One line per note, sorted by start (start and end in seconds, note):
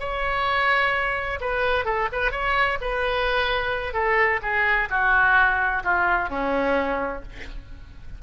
0.00 1.40 C#5
1.41 1.85 B4
1.85 2.08 A4
2.12 2.32 B4
2.32 2.78 C#5
2.81 3.94 B4
3.94 4.40 A4
4.42 4.89 G#4
4.90 5.83 F#4
5.84 6.30 F4
6.30 7.23 C#4